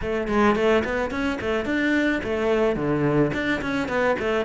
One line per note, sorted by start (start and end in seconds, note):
0.01 0.27 A3
0.27 0.55 G#3
0.55 0.83 A3
0.84 1.10 B3
1.10 1.38 C#4
1.40 1.65 A3
1.65 2.20 D4
2.23 2.76 A3
2.76 3.31 D3
3.33 3.61 D4
3.61 3.88 C#4
3.88 4.16 B3
4.19 4.45 A3